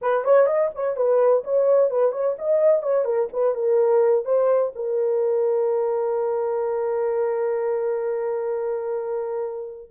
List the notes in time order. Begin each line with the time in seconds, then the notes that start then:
0.01 B4
0.24 C#5
0.46 D#5
0.74 C#5
0.96 B4
1.43 C#5
1.90 B4
2.12 C#5
2.38 D#5
2.82 C#5
3.04 A#4
3.32 B4
3.55 A#4
4.24 C5
4.75 A#4